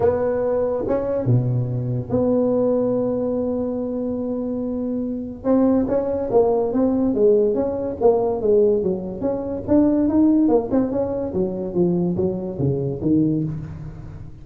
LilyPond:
\new Staff \with { instrumentName = "tuba" } { \time 4/4 \tempo 4 = 143 b2 cis'4 b,4~ | b,4 b2.~ | b1~ | b4 c'4 cis'4 ais4 |
c'4 gis4 cis'4 ais4 | gis4 fis4 cis'4 d'4 | dis'4 ais8 c'8 cis'4 fis4 | f4 fis4 cis4 dis4 | }